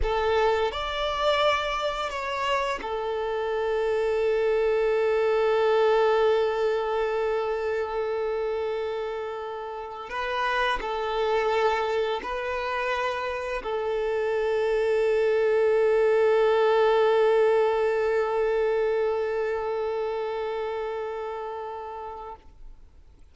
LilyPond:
\new Staff \with { instrumentName = "violin" } { \time 4/4 \tempo 4 = 86 a'4 d''2 cis''4 | a'1~ | a'1~ | a'2~ a'8 b'4 a'8~ |
a'4. b'2 a'8~ | a'1~ | a'1~ | a'1 | }